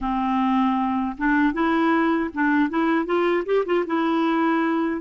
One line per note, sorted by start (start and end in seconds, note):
0.00 1.16 C4
1.17 1.53 D4
1.53 2.30 E4
2.33 2.69 D4
2.69 3.05 E4
3.05 3.44 F4
3.45 3.64 G4
3.65 3.84 F4
3.86 5.01 E4